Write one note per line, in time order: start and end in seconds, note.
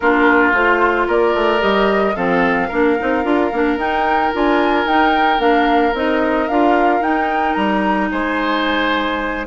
0.00 0.52 A#3
0.00 0.54 D4
0.00 1.07 F4
0.00 0.51 A#4
0.52 1.06 A3
0.52 1.60 F4
0.52 1.08 C5
1.07 1.34 A#3
1.07 2.15 A#4
1.07 1.62 D5
1.34 1.61 A3
1.60 2.16 G3
1.60 2.14 G4
1.60 2.15 D#5
2.15 2.70 F3
2.15 2.70 C4
2.15 2.68 A4
2.15 3.77 F5
2.68 2.98 A#3
2.68 2.98 D4
2.68 8.08 A#4
2.98 3.24 C4
2.98 3.23 D#4
3.23 3.51 D4
3.23 3.50 F4
3.52 3.77 A#3
3.52 3.78 D4
3.77 4.31 D#4
3.77 4.32 D#4
3.77 4.33 G5
4.32 4.85 D4
4.32 4.86 F4
4.32 4.88 G#5
4.85 5.38 D#4
4.85 5.40 G5
5.38 5.92 A#3
5.38 5.92 D4
5.38 5.94 F5
5.93 6.47 C4
5.93 6.49 D#4
5.93 6.48 D#5
6.48 7.00 D4
6.48 7.02 F4
6.48 7.02 F5
7.00 7.54 D#4
7.00 9.45 D#4
7.00 7.53 G5
7.53 8.10 G3
7.53 8.07 A#5
8.11 9.46 G#3
8.11 9.46 C5
8.11 9.46 G#5